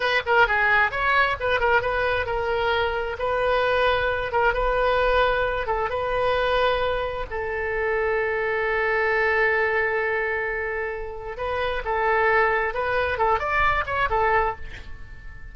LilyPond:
\new Staff \with { instrumentName = "oboe" } { \time 4/4 \tempo 4 = 132 b'8 ais'8 gis'4 cis''4 b'8 ais'8 | b'4 ais'2 b'4~ | b'4. ais'8 b'2~ | b'8 a'8 b'2. |
a'1~ | a'1~ | a'4 b'4 a'2 | b'4 a'8 d''4 cis''8 a'4 | }